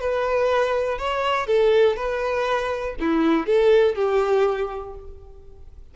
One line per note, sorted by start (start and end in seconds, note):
0.00 0.98 B4
0.98 1.47 C#5
1.47 1.97 A4
1.97 2.96 B4
3.00 3.46 E4
3.46 3.95 A4
3.95 4.94 G4